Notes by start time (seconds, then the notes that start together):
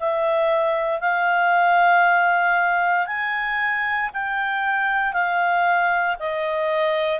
0.00 E5
1.01 F5
3.08 G#5
4.14 G5
5.13 F5
6.20 D#5